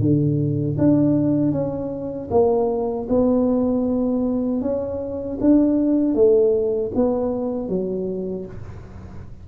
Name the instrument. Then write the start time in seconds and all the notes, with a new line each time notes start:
tuba
0.00 D3
0.79 D4
1.52 C#4
2.31 A#3
3.09 B3
4.62 C#4
5.41 D4
6.15 A3
6.95 B3
7.69 F#3